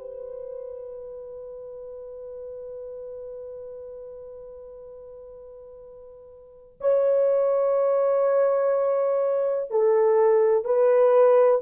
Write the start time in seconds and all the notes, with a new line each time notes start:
0.00 B4
6.80 C#5
9.71 A4
10.65 B4